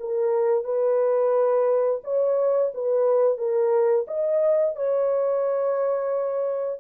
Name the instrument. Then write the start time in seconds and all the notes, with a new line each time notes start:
horn
0.00 A#4
0.64 B4
2.04 C#5
2.74 B4
3.38 A#4
4.08 D#5
4.76 C#5